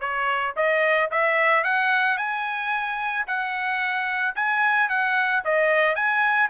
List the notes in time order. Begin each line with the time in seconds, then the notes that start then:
0.00 C#5
0.56 D#5
1.11 E5
1.64 F#5
2.17 G#5
3.27 F#5
4.35 G#5
4.89 F#5
5.44 D#5
5.96 G#5